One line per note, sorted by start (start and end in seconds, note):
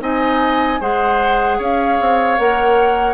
0.00 0.79 C4
0.00 0.79 D#4
0.00 0.80 D#5
0.00 0.81 G#5
0.80 1.59 G#3
0.80 2.37 G#4
0.80 1.58 C5
0.80 1.60 F#5
1.58 1.98 C#4
1.58 3.14 C#5
1.58 2.38 F5
2.00 2.39 C4
2.37 3.14 A#3
2.37 3.14 A#4
2.37 3.14 F#5